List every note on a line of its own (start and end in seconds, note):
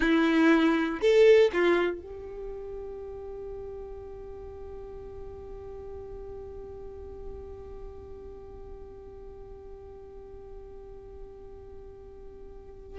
0.00 1.00 E4
1.00 1.50 A4
1.53 2.01 F4
2.01 12.99 G4